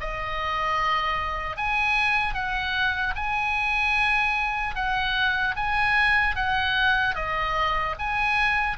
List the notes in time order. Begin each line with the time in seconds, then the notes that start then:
0.00 D#5
1.56 G#5
2.34 F#5
3.15 G#5
4.75 F#5
5.56 G#5
6.35 F#5
7.15 D#5
7.98 G#5